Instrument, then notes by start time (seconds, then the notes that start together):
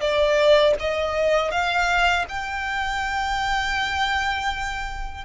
violin
0.00 D5
0.79 D#5
1.51 F5
2.28 G5